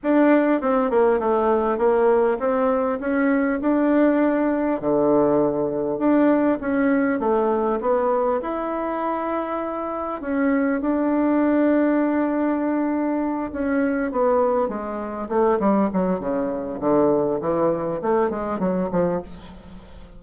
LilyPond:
\new Staff \with { instrumentName = "bassoon" } { \time 4/4 \tempo 4 = 100 d'4 c'8 ais8 a4 ais4 | c'4 cis'4 d'2 | d2 d'4 cis'4 | a4 b4 e'2~ |
e'4 cis'4 d'2~ | d'2~ d'8 cis'4 b8~ | b8 gis4 a8 g8 fis8 cis4 | d4 e4 a8 gis8 fis8 f8 | }